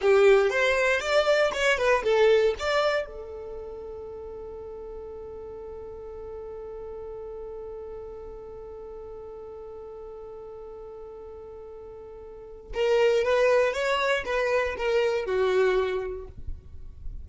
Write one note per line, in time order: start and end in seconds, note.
0.01 0.49 G4
0.49 1.00 C5
1.00 1.51 D5
1.53 1.78 C#5
1.78 2.03 B4
2.03 2.54 A4
2.59 3.06 D5
3.06 12.72 A4
12.74 13.23 A#4
13.23 13.73 B4
13.73 14.24 C#5
14.25 14.76 B4
14.77 15.25 A#4
15.25 16.27 F#4